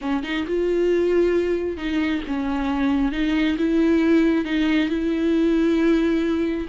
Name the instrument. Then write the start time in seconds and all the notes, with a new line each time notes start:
viola
0.01 C#4
0.23 D#4
0.47 F4
1.77 D#4
2.27 C#4
3.12 D#4
3.57 E4
4.44 D#4
4.89 E4